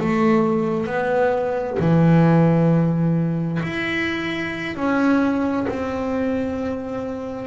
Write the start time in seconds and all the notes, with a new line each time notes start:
0.00 A3
0.87 B3
1.80 E3
3.63 E4
4.76 C#4
5.69 C4